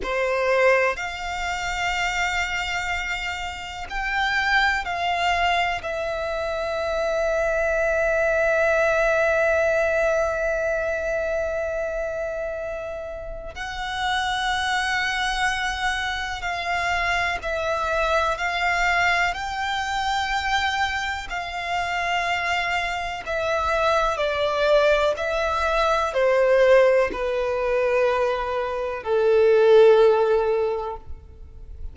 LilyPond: \new Staff \with { instrumentName = "violin" } { \time 4/4 \tempo 4 = 62 c''4 f''2. | g''4 f''4 e''2~ | e''1~ | e''2 fis''2~ |
fis''4 f''4 e''4 f''4 | g''2 f''2 | e''4 d''4 e''4 c''4 | b'2 a'2 | }